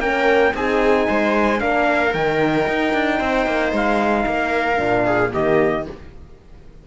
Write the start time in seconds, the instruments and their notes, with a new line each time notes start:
0.00 cello A#3, horn C#4, viola A#4, trumpet G5
0.55 cello C4, horn D#4, viola G#4, trumpet G#5
1.08 cello G#3, viola C5
1.58 cello A#3, horn D4, viola A#4, trumpet F5
2.14 cello D#3, horn D#4, trumpet G5
2.68 cello D#4
2.94 cello D4
3.18 cello C4, viola C5
3.47 cello A#3
3.73 cello G#3, trumpet F5
4.26 cello A#3, viola A#4
4.76 cello A#2, horn D4
5.06 viola G#4
5.31 cello D#3, horn A#3, viola G4, trumpet D#5